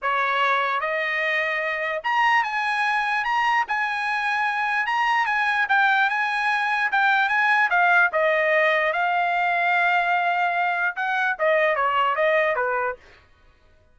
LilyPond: \new Staff \with { instrumentName = "trumpet" } { \time 4/4 \tempo 4 = 148 cis''2 dis''2~ | dis''4 ais''4 gis''2 | ais''4 gis''2. | ais''4 gis''4 g''4 gis''4~ |
gis''4 g''4 gis''4 f''4 | dis''2 f''2~ | f''2. fis''4 | dis''4 cis''4 dis''4 b'4 | }